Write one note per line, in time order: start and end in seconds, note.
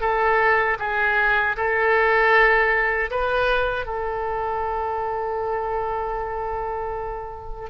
0.00 0.77 A4
0.79 1.56 G#4
1.56 3.10 A4
3.10 3.85 B4
3.85 7.69 A4